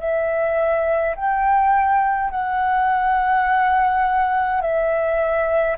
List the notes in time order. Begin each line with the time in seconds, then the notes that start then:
0.00 E5
1.16 G5
2.31 F#5
4.62 E5